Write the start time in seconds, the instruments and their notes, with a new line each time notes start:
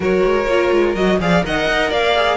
0.00 cello F#3, viola F#4, violin A#4 C#5
0.25 cello G#3
0.46 cello A#3, viola F4
0.71 cello G#3
0.95 cello F#3, viola F#4, violin D#5
1.19 cello F3, viola G#4, violin D5 F5
1.43 cello D#3, viola A#4, violin D#5 F#5
1.67 cello D#4
1.89 cello A#3, violin D5 F5
2.16 viola G#4